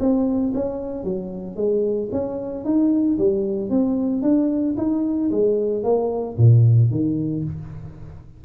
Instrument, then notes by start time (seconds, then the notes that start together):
tuba
0.00 C4
0.55 C#4
1.04 F#3
1.56 G#3
2.12 C#4
2.65 D#4
3.18 G3
3.70 C4
4.22 D4
4.78 D#4
5.31 G#3
5.83 A#3
6.37 A#2
6.91 D#3